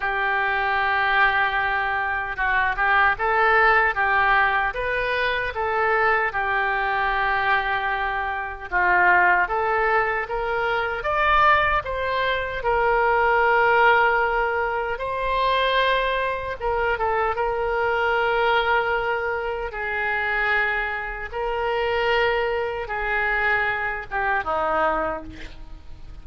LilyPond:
\new Staff \with { instrumentName = "oboe" } { \time 4/4 \tempo 4 = 76 g'2. fis'8 g'8 | a'4 g'4 b'4 a'4 | g'2. f'4 | a'4 ais'4 d''4 c''4 |
ais'2. c''4~ | c''4 ais'8 a'8 ais'2~ | ais'4 gis'2 ais'4~ | ais'4 gis'4. g'8 dis'4 | }